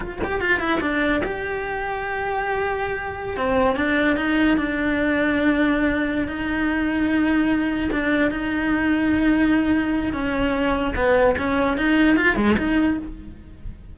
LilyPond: \new Staff \with { instrumentName = "cello" } { \time 4/4 \tempo 4 = 148 f'8 g'8 f'8 e'8 d'4 g'4~ | g'1~ | g'16 c'4 d'4 dis'4 d'8.~ | d'2.~ d'8 dis'8~ |
dis'2.~ dis'8 d'8~ | d'8 dis'2.~ dis'8~ | dis'4 cis'2 b4 | cis'4 dis'4 f'8 gis8 dis'4 | }